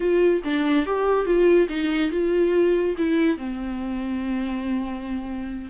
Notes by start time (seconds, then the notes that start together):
0.00 F4
0.44 D4
0.85 G4
1.25 F4
1.68 D#4
2.11 F4
2.97 E4
3.37 C4